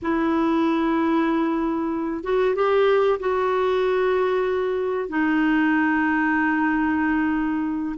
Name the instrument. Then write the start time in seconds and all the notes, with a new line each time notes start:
clarinet
0.02 E4
2.23 F#4
2.55 G4
3.19 F#4
5.08 D#4